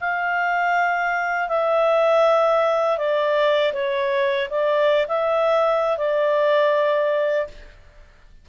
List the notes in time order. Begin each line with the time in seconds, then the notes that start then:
0.00 F5
1.48 E5
2.97 D5
3.73 C#5
4.50 D5
5.08 E5
5.97 D5